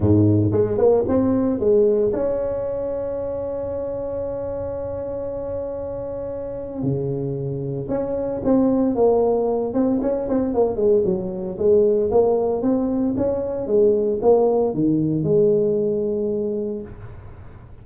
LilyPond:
\new Staff \with { instrumentName = "tuba" } { \time 4/4 \tempo 4 = 114 gis,4 gis8 ais8 c'4 gis4 | cis'1~ | cis'1~ | cis'4 cis2 cis'4 |
c'4 ais4. c'8 cis'8 c'8 | ais8 gis8 fis4 gis4 ais4 | c'4 cis'4 gis4 ais4 | dis4 gis2. | }